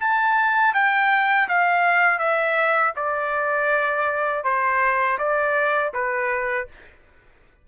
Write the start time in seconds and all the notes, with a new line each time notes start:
0.00 A5
0.74 G5
1.48 F5
2.19 E5
2.96 D5
4.44 C5
5.18 D5
5.93 B4